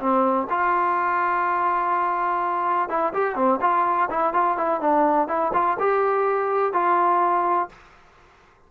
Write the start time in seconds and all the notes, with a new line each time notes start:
0.00 C4
0.50 F4
2.89 E4
3.14 G4
3.36 C4
3.61 F4
4.10 E4
4.34 F4
4.58 E4
4.81 D4
5.28 E4
5.54 F4
5.80 G4
6.73 F4